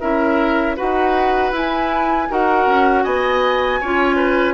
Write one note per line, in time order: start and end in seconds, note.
0.00 0.78 C#4
0.00 0.77 E4
0.00 0.77 A#4
0.00 0.76 E5
0.77 1.52 D#4
0.77 1.53 F#4
0.77 2.29 B4
0.77 1.53 F#5
1.52 2.28 E4
1.52 2.29 E4
1.52 2.32 G#5
2.30 2.67 D#4
2.30 3.81 F#4
2.30 3.04 A#4
2.30 3.04 F#5
2.67 3.05 C#4
3.04 3.81 B3
3.04 3.80 D#5
3.04 4.55 G#5
3.81 4.55 C#4
3.81 4.55 F4
3.81 4.17 C#5
4.17 4.55 B4